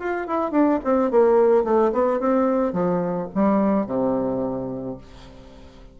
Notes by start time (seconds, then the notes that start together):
0.00 F4
0.28 E4
0.52 D4
0.84 C4
1.11 A#3
1.64 A3
1.93 B3
2.20 C4
2.73 F3
3.35 G3
3.87 C3